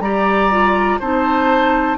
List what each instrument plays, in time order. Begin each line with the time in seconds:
0.00 bassoon G3, clarinet G4, oboe D5, flute A#5
0.51 clarinet F4
1.00 bassoon C4, clarinet D#4, oboe C5, flute A5